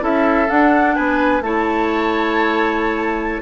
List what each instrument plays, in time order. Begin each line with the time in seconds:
0.00 bassoon C#4, clarinet E4, oboe A4, flute E5
0.49 clarinet D4, bassoon D4, flute F#5
0.95 bassoon B3, oboe B4, flute G#5
1.41 bassoon A3, clarinet E4, oboe C#5, flute A5